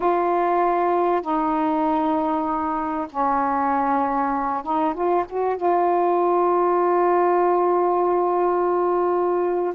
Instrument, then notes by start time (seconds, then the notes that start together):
saxophone
0.00 F4
1.21 D#4
3.10 C#4
4.63 D#4
4.93 F4
5.29 F#4
5.56 F4